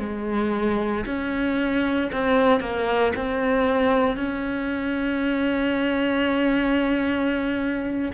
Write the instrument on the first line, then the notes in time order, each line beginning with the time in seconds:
cello
0.00 G#3
1.06 C#4
2.12 C4
2.60 A#3
3.16 C4
4.17 C#4